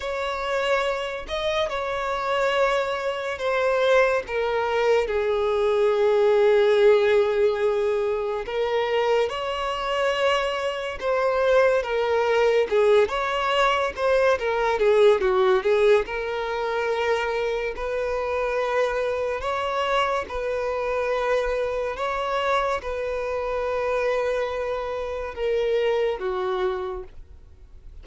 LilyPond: \new Staff \with { instrumentName = "violin" } { \time 4/4 \tempo 4 = 71 cis''4. dis''8 cis''2 | c''4 ais'4 gis'2~ | gis'2 ais'4 cis''4~ | cis''4 c''4 ais'4 gis'8 cis''8~ |
cis''8 c''8 ais'8 gis'8 fis'8 gis'8 ais'4~ | ais'4 b'2 cis''4 | b'2 cis''4 b'4~ | b'2 ais'4 fis'4 | }